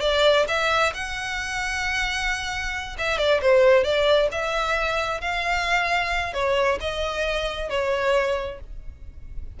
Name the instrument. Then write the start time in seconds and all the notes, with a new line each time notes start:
violin
0.00 D5
0.48 E5
0.94 F#5
2.98 E5
3.18 D5
3.41 C5
3.83 D5
4.31 E5
5.20 F5
6.33 C#5
6.80 D#5
7.69 C#5